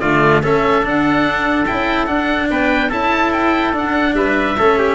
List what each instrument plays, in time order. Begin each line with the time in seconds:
0.00 tuba D3, cello A3, trumpet F4, oboe D5
0.43 tuba A3, cello C#4, trumpet A4, oboe E5
0.82 cello D4, tuba D4
0.88 oboe F#5
1.66 tuba C#4, cello E4, oboe G5
2.06 cello D4, tuba D4, oboe F#5
2.50 tuba B3, trumpet B4, oboe G5
2.89 tuba C#4, cello E4, trumpet A4, oboe A5
3.33 oboe G5
3.74 tuba D4, cello D4, oboe F#5
4.14 tuba G3, trumpet B4, oboe E5
4.58 tuba A3, cello C#4, trumpet A4
4.78 trumpet G4